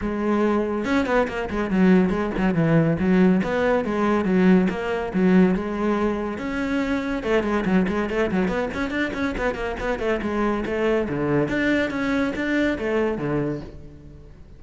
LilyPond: \new Staff \with { instrumentName = "cello" } { \time 4/4 \tempo 4 = 141 gis2 cis'8 b8 ais8 gis8 | fis4 gis8 fis8 e4 fis4 | b4 gis4 fis4 ais4 | fis4 gis2 cis'4~ |
cis'4 a8 gis8 fis8 gis8 a8 fis8 | b8 cis'8 d'8 cis'8 b8 ais8 b8 a8 | gis4 a4 d4 d'4 | cis'4 d'4 a4 d4 | }